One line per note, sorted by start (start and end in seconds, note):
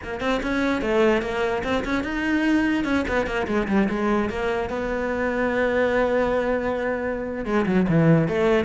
0.03 0.20 A#3
0.20 0.41 C4
0.42 0.81 C#4
0.81 1.22 A3
1.22 1.62 A#3
1.63 1.84 C4
1.84 2.03 C#4
2.03 2.84 D#4
2.84 3.05 C#4
3.08 3.26 B3
3.26 3.46 A#3
3.47 3.67 G#3
3.68 3.88 G3
3.89 4.29 G#3
4.29 4.69 A#3
4.69 7.45 B3
7.45 7.65 G#3
7.65 7.86 F#3
7.88 8.27 E3
8.27 8.64 A3